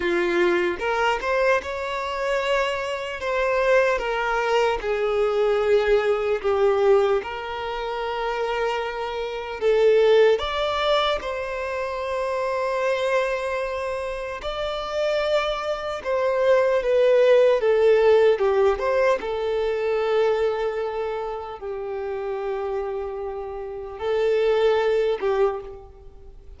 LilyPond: \new Staff \with { instrumentName = "violin" } { \time 4/4 \tempo 4 = 75 f'4 ais'8 c''8 cis''2 | c''4 ais'4 gis'2 | g'4 ais'2. | a'4 d''4 c''2~ |
c''2 d''2 | c''4 b'4 a'4 g'8 c''8 | a'2. g'4~ | g'2 a'4. g'8 | }